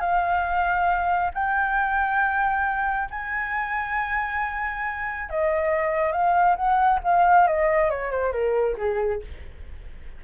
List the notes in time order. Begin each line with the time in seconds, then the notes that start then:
0.00 F5
1.34 G5
3.11 G#5
5.30 D#5
6.12 F5
6.56 F#5
7.04 F5
7.47 D#5
7.90 C#5
8.11 C5
8.32 A#4
8.78 G#4